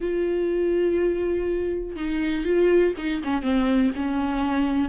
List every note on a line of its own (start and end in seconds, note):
0.00 1.95 F4
1.95 2.44 D#4
2.44 2.94 F4
2.97 3.22 D#4
3.24 3.42 C#4
3.42 3.91 C4
3.95 4.89 C#4